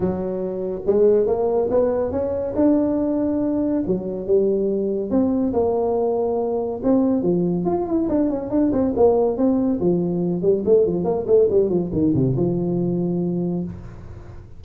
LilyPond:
\new Staff \with { instrumentName = "tuba" } { \time 4/4 \tempo 4 = 141 fis2 gis4 ais4 | b4 cis'4 d'2~ | d'4 fis4 g2 | c'4 ais2. |
c'4 f4 f'8 e'8 d'8 cis'8 | d'8 c'8 ais4 c'4 f4~ | f8 g8 a8 f8 ais8 a8 g8 f8 | dis8 c8 f2. | }